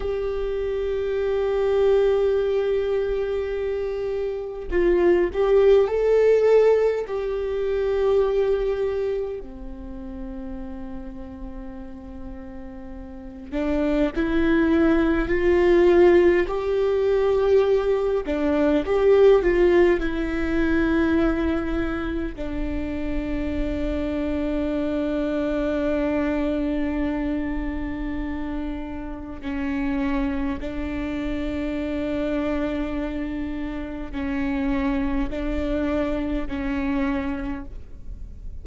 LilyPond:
\new Staff \with { instrumentName = "viola" } { \time 4/4 \tempo 4 = 51 g'1 | f'8 g'8 a'4 g'2 | c'2.~ c'8 d'8 | e'4 f'4 g'4. d'8 |
g'8 f'8 e'2 d'4~ | d'1~ | d'4 cis'4 d'2~ | d'4 cis'4 d'4 cis'4 | }